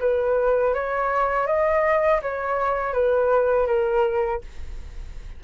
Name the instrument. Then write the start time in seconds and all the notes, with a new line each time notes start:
flute
0.00 B4
0.74 C#5
1.46 D#5
2.22 C#5
2.93 B4
3.67 A#4